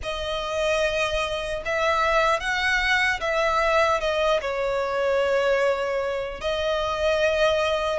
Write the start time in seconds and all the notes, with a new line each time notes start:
0.03 D#5
1.65 E5
2.40 F#5
3.20 E5
4.00 D#5
4.41 C#5
6.40 D#5